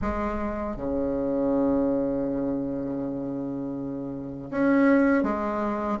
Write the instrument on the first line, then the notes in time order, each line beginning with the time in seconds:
bassoon
0.01 G#3
0.76 C#3
4.50 C#4
5.23 G#3